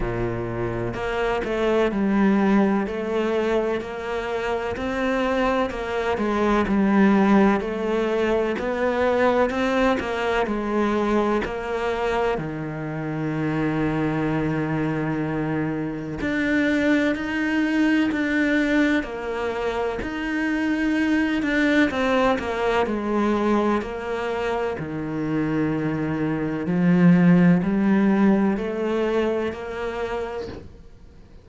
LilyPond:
\new Staff \with { instrumentName = "cello" } { \time 4/4 \tempo 4 = 63 ais,4 ais8 a8 g4 a4 | ais4 c'4 ais8 gis8 g4 | a4 b4 c'8 ais8 gis4 | ais4 dis2.~ |
dis4 d'4 dis'4 d'4 | ais4 dis'4. d'8 c'8 ais8 | gis4 ais4 dis2 | f4 g4 a4 ais4 | }